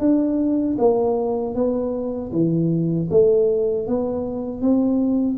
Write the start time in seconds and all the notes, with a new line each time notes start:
0.00 D4
0.79 A#3
1.55 B3
2.32 E3
3.10 A3
3.88 B3
4.62 C4